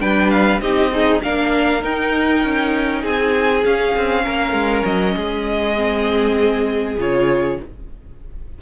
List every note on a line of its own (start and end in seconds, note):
0.00 0.61 G3
0.00 0.61 D4
0.00 0.62 B4
0.00 0.30 G5
0.30 0.61 F5
0.61 1.21 C4
0.61 0.92 D#4
0.61 0.92 G4
0.61 1.22 D#5
0.92 1.23 D#4
0.92 1.23 G#4
1.23 1.84 A#3
1.23 1.81 D4
1.23 3.01 A#4
1.23 1.83 F5
1.81 3.63 D#4
1.81 2.44 D#4
1.81 3.05 G5
2.44 3.04 C#4
3.01 3.65 C4
3.01 4.22 G#4
3.01 3.65 G#5
3.65 5.77 C#4
3.65 3.96 C#4
3.65 4.85 F5
3.96 4.27 C4
4.24 4.53 A#3
4.24 5.15 A#4
4.53 4.83 G#3
4.85 5.16 F#3
4.85 6.97 D#5
5.16 6.98 G#3
5.16 7.58 G#4
5.77 6.98 C4
6.98 7.59 C#3
6.98 7.60 F4
6.98 7.61 C#5